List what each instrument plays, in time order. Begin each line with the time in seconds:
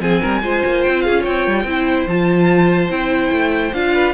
0.00 cello F3, viola C4, violin G#4 G#5
0.21 cello G3, violin A#4
0.42 cello G#3, viola F4, violin C5
0.66 cello A#3
0.83 cello C4, violin G5
1.01 violin G#4 F5
1.08 cello C#4
1.21 cello C4, violin C#5 G5
1.47 cello G3
1.64 cello C4, viola E4, violin C5
2.06 cello F3, viola F4, violin A5
2.89 cello C4, viola E4, violin G5
3.31 cello A3
3.73 cello D4, viola F4, violin F5
3.93 violin B4